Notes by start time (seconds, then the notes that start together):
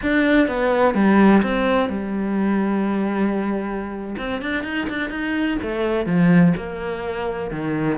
0.02 D4
0.47 B3
0.94 G3
1.43 C4
1.89 G3
4.18 C4
4.41 D4
4.63 D#4
4.89 D4
5.10 D#4
5.62 A3
6.06 F3
6.56 A#3
7.50 D#3